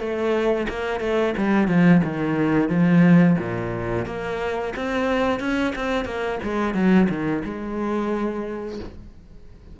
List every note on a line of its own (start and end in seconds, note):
0.00 0.67 A3
0.69 1.01 A#3
1.01 1.34 A3
1.38 1.68 G3
1.68 2.01 F3
2.04 2.69 D#3
2.69 3.37 F3
3.39 4.06 A#2
4.06 4.73 A#3
4.76 5.40 C4
5.40 5.74 C#4
5.75 6.05 C4
6.05 6.39 A#3
6.43 6.74 G#3
6.74 7.08 F#3
7.10 7.43 D#3
7.45 8.80 G#3